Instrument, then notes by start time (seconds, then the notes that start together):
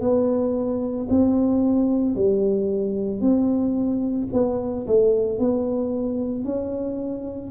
tuba
0.00 B3
1.10 C4
2.15 G3
3.20 C4
4.32 B3
4.87 A3
5.39 B3
6.44 C#4